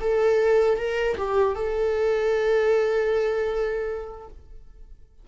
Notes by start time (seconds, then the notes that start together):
0.00 A4
0.78 A#4
1.17 G4
1.55 A4